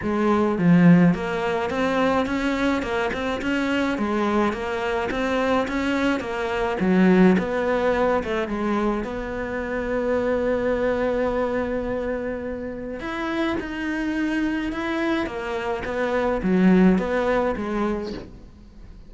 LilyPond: \new Staff \with { instrumentName = "cello" } { \time 4/4 \tempo 4 = 106 gis4 f4 ais4 c'4 | cis'4 ais8 c'8 cis'4 gis4 | ais4 c'4 cis'4 ais4 | fis4 b4. a8 gis4 |
b1~ | b2. e'4 | dis'2 e'4 ais4 | b4 fis4 b4 gis4 | }